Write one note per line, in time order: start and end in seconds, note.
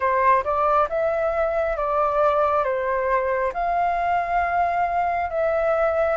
0.00 0.43 C5
0.44 0.88 D5
0.89 1.76 E5
1.76 2.64 D5
2.64 3.52 C5
3.53 5.29 F5
5.30 6.17 E5